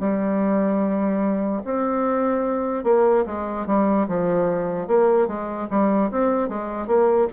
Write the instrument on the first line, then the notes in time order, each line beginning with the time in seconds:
bassoon
0.00 G3
1.64 C4
2.84 A#3
3.26 G#3
3.66 G3
4.08 F3
4.88 A#3
5.27 G#3
5.70 G3
6.11 C4
6.49 G#3
6.87 A#3